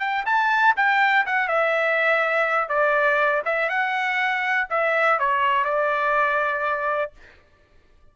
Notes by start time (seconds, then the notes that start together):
0.00 G5
0.26 A5
0.77 G5
1.26 F#5
1.48 E5
2.69 D5
3.46 E5
3.70 F#5
4.70 E5
5.20 C#5
5.65 D5